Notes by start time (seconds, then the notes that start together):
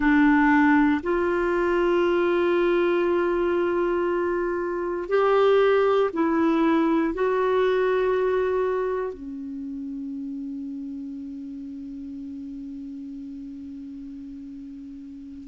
0.00 D4
1.03 F4
5.08 G4
6.13 E4
7.14 F#4
9.13 C#4